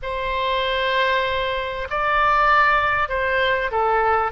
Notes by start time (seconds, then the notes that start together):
0.02 C5
1.90 D5
3.08 C5
3.71 A4